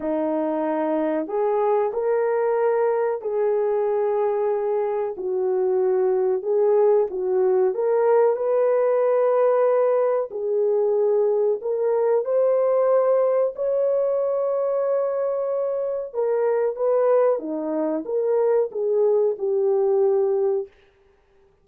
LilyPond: \new Staff \with { instrumentName = "horn" } { \time 4/4 \tempo 4 = 93 dis'2 gis'4 ais'4~ | ais'4 gis'2. | fis'2 gis'4 fis'4 | ais'4 b'2. |
gis'2 ais'4 c''4~ | c''4 cis''2.~ | cis''4 ais'4 b'4 dis'4 | ais'4 gis'4 g'2 | }